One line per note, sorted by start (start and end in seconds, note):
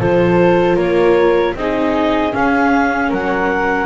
0.00 0.77 F3
0.00 1.56 F4
0.00 0.76 A4
0.00 0.77 C5
0.76 1.55 A#3
0.76 1.54 A#4
0.76 1.55 C#5
1.55 2.33 C4
1.55 2.32 D#4
1.55 3.10 G#4
1.55 2.34 D#5
2.32 3.87 C#4
2.32 3.11 C#4
2.32 3.12 F5
3.10 3.87 F#3
3.10 3.87 A#4
3.10 3.87 F#5